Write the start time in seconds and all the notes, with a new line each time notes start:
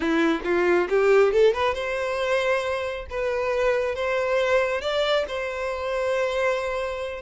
0.00 E4
0.44 F4
0.89 G4
1.32 A4
1.53 B4
1.74 C5
3.10 B4
3.95 C5
4.81 D5
5.28 C5